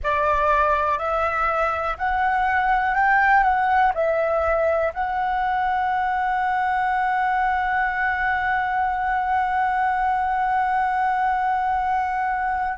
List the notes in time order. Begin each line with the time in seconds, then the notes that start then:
0.03 D5
0.98 E5
1.98 F#5
2.94 G5
3.43 F#5
3.94 E5
4.93 F#5